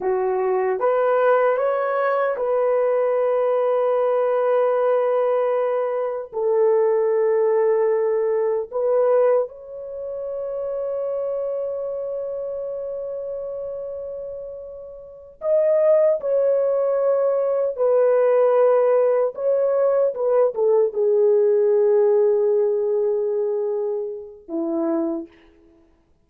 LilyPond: \new Staff \with { instrumentName = "horn" } { \time 4/4 \tempo 4 = 76 fis'4 b'4 cis''4 b'4~ | b'1 | a'2. b'4 | cis''1~ |
cis''2.~ cis''8 dis''8~ | dis''8 cis''2 b'4.~ | b'8 cis''4 b'8 a'8 gis'4.~ | gis'2. e'4 | }